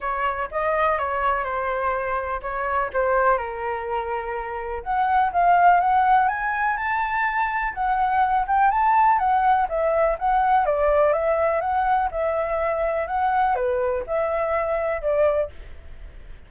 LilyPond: \new Staff \with { instrumentName = "flute" } { \time 4/4 \tempo 4 = 124 cis''4 dis''4 cis''4 c''4~ | c''4 cis''4 c''4 ais'4~ | ais'2 fis''4 f''4 | fis''4 gis''4 a''2 |
fis''4. g''8 a''4 fis''4 | e''4 fis''4 d''4 e''4 | fis''4 e''2 fis''4 | b'4 e''2 d''4 | }